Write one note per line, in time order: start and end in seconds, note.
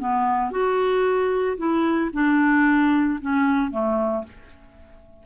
0.00 0.51 B3
0.51 1.58 F#4
1.58 2.11 E4
2.14 3.20 D4
3.21 3.71 C#4
3.71 4.25 A3